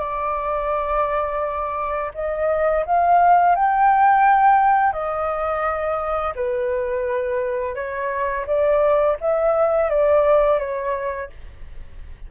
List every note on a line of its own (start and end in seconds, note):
0.00 2.12 D5
2.15 2.85 D#5
2.86 3.56 F5
3.56 4.93 G5
4.93 6.34 D#5
6.36 7.76 B4
7.76 8.46 C#5
8.47 9.18 D5
9.21 9.90 E5
9.90 10.60 D5
10.60 11.30 C#5